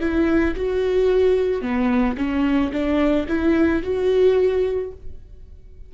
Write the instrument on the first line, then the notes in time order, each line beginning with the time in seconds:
viola
0.00 E4
0.56 F#4
1.62 B3
2.17 C#4
2.73 D4
3.28 E4
3.83 F#4